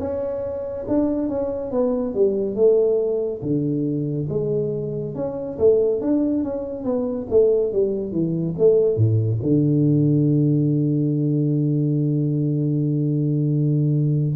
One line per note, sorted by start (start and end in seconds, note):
0.00 0.86 C#4
0.88 1.29 D4
1.29 1.72 C#4
1.72 2.15 B3
2.15 2.56 G3
2.56 3.42 A3
3.43 4.29 D3
4.30 5.15 G#3
5.15 5.58 C#4
5.59 6.02 A3
6.02 6.44 D4
6.44 6.85 C#4
6.85 7.27 B3
7.31 7.73 A3
7.73 8.12 G3
8.12 8.55 E3
8.59 8.97 A3
8.97 9.40 A2
9.43 14.36 D3